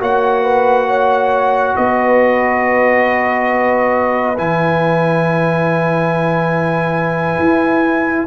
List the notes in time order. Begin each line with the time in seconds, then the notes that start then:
0.00 A#3 F#4 C#5 F#5
0.44 B4
0.87 C#5
1.76 B3 B4 D#5
4.37 E3 E4 G#5
7.39 E4